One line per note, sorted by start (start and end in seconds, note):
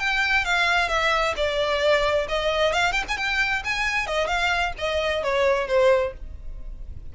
0.00 0.45 G5
0.45 0.89 F5
0.89 1.35 E5
1.37 2.28 D5
2.29 2.73 D#5
2.73 2.93 F5
2.93 3.04 G5
3.09 3.18 G#5
3.18 3.63 G5
3.65 4.07 G#5
4.07 4.28 D#5
4.28 4.73 F5
4.78 5.24 D#5
5.24 5.68 C#5
5.68 6.14 C5